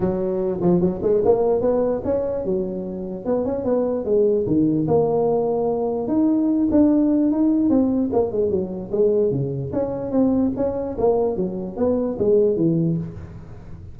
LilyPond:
\new Staff \with { instrumentName = "tuba" } { \time 4/4 \tempo 4 = 148 fis4. f8 fis8 gis8 ais4 | b4 cis'4 fis2 | b8 cis'8 b4 gis4 dis4 | ais2. dis'4~ |
dis'8 d'4. dis'4 c'4 | ais8 gis8 fis4 gis4 cis4 | cis'4 c'4 cis'4 ais4 | fis4 b4 gis4 e4 | }